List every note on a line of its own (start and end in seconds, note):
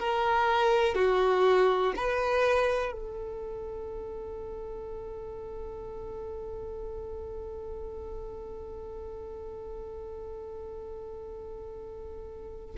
0.00 0.95 A#4
0.95 1.94 F#4
1.96 2.92 B4
2.92 12.76 A4